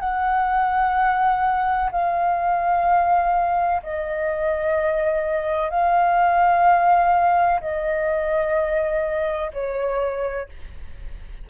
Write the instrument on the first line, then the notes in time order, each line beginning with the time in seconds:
flute
0.00 F#5
1.92 F5
3.84 D#5
5.70 F5
7.61 D#5
9.54 C#5